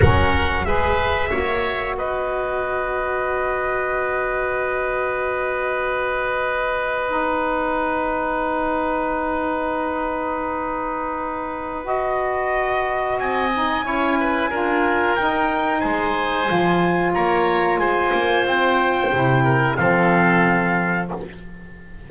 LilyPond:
<<
  \new Staff \with { instrumentName = "trumpet" } { \time 4/4 \tempo 4 = 91 fis''4 e''2 dis''4~ | dis''1~ | dis''2. fis''4~ | fis''1~ |
fis''2 dis''2 | gis''2. g''4 | gis''2 ais''4 gis''4 | g''2 f''2 | }
  \new Staff \with { instrumentName = "oboe" } { \time 4/4 ais'4 b'4 cis''4 b'4~ | b'1~ | b'1~ | b'1~ |
b'1 | dis''4 cis''8 b'8 ais'2 | c''2 cis''4 c''4~ | c''4. ais'8 a'2 | }
  \new Staff \with { instrumentName = "saxophone" } { \time 4/4 cis'4 gis'4 fis'2~ | fis'1~ | fis'2~ fis'8. dis'4~ dis'16~ | dis'1~ |
dis'2 fis'2~ | fis'8 dis'8 e'4 f'4 dis'4~ | dis'4 f'2.~ | f'4 e'4 c'2 | }
  \new Staff \with { instrumentName = "double bass" } { \time 4/4 fis4 gis4 ais4 b4~ | b1~ | b1~ | b1~ |
b1 | c'4 cis'4 d'4 dis'4 | gis4 f4 ais4 gis8 ais8 | c'4 c4 f2 | }
>>